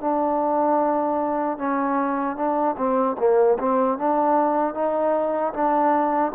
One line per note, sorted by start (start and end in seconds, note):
0.00 1.58 D4
1.58 2.36 C#4
2.36 2.75 D4
2.77 3.16 C4
3.18 3.57 A#3
3.59 3.98 C4
3.98 4.74 D4
4.74 5.53 D#4
5.53 6.32 D4